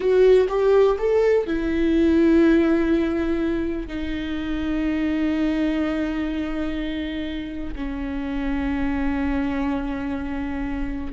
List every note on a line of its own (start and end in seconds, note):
0.00 0.47 F#4
0.48 0.97 G4
0.98 1.46 A4
1.46 3.87 E4
3.87 7.74 D#4
7.75 11.12 C#4